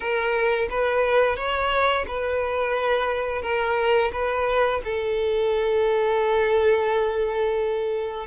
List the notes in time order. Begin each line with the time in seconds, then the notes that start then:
0.00 A#4
0.70 B4
1.36 C#5
2.07 B4
3.42 A#4
4.12 B4
4.84 A4